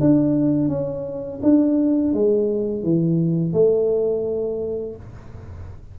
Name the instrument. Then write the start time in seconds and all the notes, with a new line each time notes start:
tuba
0.00 D4
0.68 C#4
1.43 D4
2.13 G#3
2.83 E3
3.53 A3